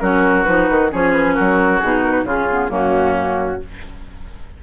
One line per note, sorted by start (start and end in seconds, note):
0.00 0.46 F#3
0.00 0.45 C#4
0.00 0.92 F#4
0.00 0.44 A#4
0.44 0.70 F3
0.44 0.90 D#4
0.44 0.89 B4
0.70 0.93 D#3
0.92 1.39 F3
0.92 1.82 C#4
0.92 1.35 G#4
0.92 1.13 C#5
1.13 1.35 B4
1.35 1.82 F#3
1.35 2.25 F#4
1.35 1.79 A#4
1.79 2.24 B2
1.79 2.27 D#4
1.79 2.02 G#4
2.03 2.12 A#4
2.12 2.23 B4
2.24 2.69 C#3
2.24 2.50 C#4
2.24 2.71 F4
2.24 2.71 G#4
2.50 2.69 B3
2.69 3.60 F#2
2.69 3.59 A#3
2.69 3.61 C#4
2.69 3.63 F#4